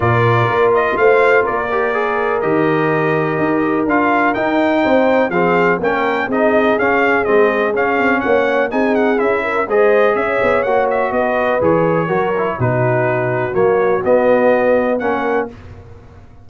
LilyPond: <<
  \new Staff \with { instrumentName = "trumpet" } { \time 4/4 \tempo 4 = 124 d''4. dis''8 f''4 d''4~ | d''4 dis''2. | f''4 g''2 f''4 | g''4 dis''4 f''4 dis''4 |
f''4 fis''4 gis''8 fis''8 e''4 | dis''4 e''4 fis''8 e''8 dis''4 | cis''2 b'2 | cis''4 dis''2 fis''4 | }
  \new Staff \with { instrumentName = "horn" } { \time 4/4 ais'2 c''4 ais'4~ | ais'1~ | ais'2 c''4 gis'4 | ais'4 gis'2.~ |
gis'4 cis''4 gis'4. ais'8 | c''4 cis''2 b'4~ | b'4 ais'4 fis'2~ | fis'2. ais'4 | }
  \new Staff \with { instrumentName = "trombone" } { \time 4/4 f'2.~ f'8 g'8 | gis'4 g'2. | f'4 dis'2 c'4 | cis'4 dis'4 cis'4 c'4 |
cis'2 dis'4 e'4 | gis'2 fis'2 | gis'4 fis'8 e'8 dis'2 | ais4 b2 cis'4 | }
  \new Staff \with { instrumentName = "tuba" } { \time 4/4 ais,4 ais4 a4 ais4~ | ais4 dis2 dis'4 | d'4 dis'4 c'4 f4 | ais4 c'4 cis'4 gis4 |
cis'8 c'8 ais4 c'4 cis'4 | gis4 cis'8 b8 ais4 b4 | e4 fis4 b,2 | fis4 b2 ais4 | }
>>